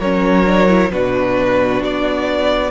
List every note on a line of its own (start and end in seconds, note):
0.00 0.91 F#3
0.00 0.47 C#4
0.00 0.91 A#4
0.00 0.92 C#5
0.47 0.68 D4
0.68 0.91 E4
0.91 1.82 B2
0.91 2.71 D4
0.91 2.71 F#4
0.91 1.83 B4
1.82 2.71 B3
1.82 2.71 D5